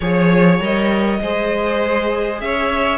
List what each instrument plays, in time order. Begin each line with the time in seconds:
0.00 cello F3, viola G#4, violin C#5
0.60 cello G3, viola A#4, violin D#5
1.21 cello G#3, viola G#4, violin C5
2.40 cello C#4, violin C#5 E5